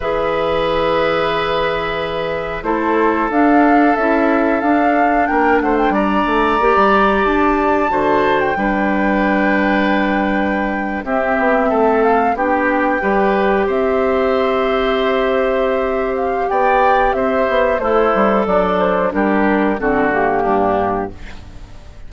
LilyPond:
<<
  \new Staff \with { instrumentName = "flute" } { \time 4/4 \tempo 4 = 91 e''1 | c''4 f''4 e''4 f''4 | g''8 fis''16 g''16 ais''2 a''4~ | a''8. g''2.~ g''16~ |
g''8. e''4. f''8 g''4~ g''16~ | g''8. e''2.~ e''16~ | e''8 f''8 g''4 e''4 c''4 | d''8 c''8 ais'4 a'8 g'4. | }
  \new Staff \with { instrumentName = "oboe" } { \time 4/4 b'1 | a'1 | ais'8 c''8 d''2. | c''4 b'2.~ |
b'8. g'4 a'4 g'4 b'16~ | b'8. c''2.~ c''16~ | c''4 d''4 c''4 e'4 | d'4 g'4 fis'4 d'4 | }
  \new Staff \with { instrumentName = "clarinet" } { \time 4/4 gis'1 | e'4 d'4 e'4 d'4~ | d'2 g'2 | fis'4 d'2.~ |
d'8. c'2 d'4 g'16~ | g'1~ | g'2. a'4~ | a'4 d'4 c'8 ais4. | }
  \new Staff \with { instrumentName = "bassoon" } { \time 4/4 e1 | a4 d'4 cis'4 d'4 | ais8 a8 g8 a8 ais16 g8. d'4 | d4 g2.~ |
g8. c'8 b8 a4 b4 g16~ | g8. c'2.~ c'16~ | c'4 b4 c'8 b8 a8 g8 | fis4 g4 d4 g,4 | }
>>